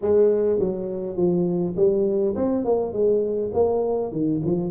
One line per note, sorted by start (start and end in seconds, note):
0.01 0.59 G#3
0.59 1.16 F#3
1.16 1.75 F3
1.76 2.35 G3
2.35 2.64 C4
2.64 2.93 A#3
2.93 3.51 G#3
3.53 4.11 A#3
4.11 4.41 D#3
4.44 4.70 F3